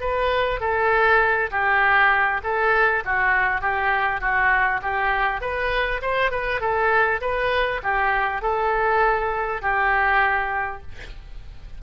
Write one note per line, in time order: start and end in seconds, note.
0.00 0.60 B4
0.60 1.50 A4
1.51 2.41 G4
2.43 3.03 A4
3.05 3.61 F#4
3.61 4.20 G4
4.20 4.80 F#4
4.82 5.41 G4
5.41 6.01 B4
6.02 6.31 C5
6.31 6.60 B4
6.60 7.20 A4
7.21 7.81 B4
7.82 8.41 G4
8.41 9.61 A4
9.61 10.81 G4